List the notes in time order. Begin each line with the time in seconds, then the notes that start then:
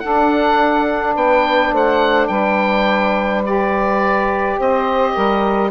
0.00 D4 A4 F#5
1.15 B3 B4 G5
1.72 A3 C5 F#5
2.27 G3 B4 G5
3.45 G4 D5
4.58 C4 C5 D#5
5.13 G3 A#4